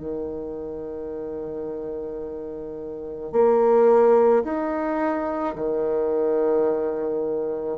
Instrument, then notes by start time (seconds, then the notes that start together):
bassoon
0.00 D#3
3.32 A#3
4.44 D#4
5.56 D#3